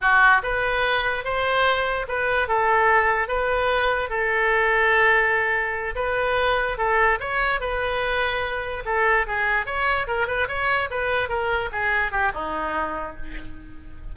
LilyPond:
\new Staff \with { instrumentName = "oboe" } { \time 4/4 \tempo 4 = 146 fis'4 b'2 c''4~ | c''4 b'4 a'2 | b'2 a'2~ | a'2~ a'8 b'4.~ |
b'8 a'4 cis''4 b'4.~ | b'4. a'4 gis'4 cis''8~ | cis''8 ais'8 b'8 cis''4 b'4 ais'8~ | ais'8 gis'4 g'8 dis'2 | }